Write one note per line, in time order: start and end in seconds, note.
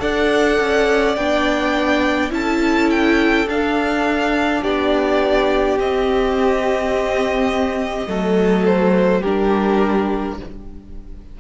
0.00 0.59 D4
0.00 1.15 A4
0.00 2.31 D5
0.00 1.16 F#5
0.60 1.17 C#4
1.16 2.31 B3
1.16 2.31 D4
1.16 2.31 G5
2.31 3.46 C#4
2.31 3.46 E4
2.31 4.62 A4
2.31 2.91 A5
2.91 3.48 G5
3.46 4.62 D4
3.46 5.80 D4
3.46 4.63 F5
4.62 5.79 B3
4.62 8.08 G4
4.62 5.79 D5
5.79 8.07 C4
5.79 8.08 C4
5.79 8.66 D#5
8.07 9.23 F#3
8.07 9.24 A3
8.07 9.21 A4
8.66 9.23 C5
9.21 10.40 G3
9.21 10.40 D4
9.21 10.36 G4
9.21 10.38 A#4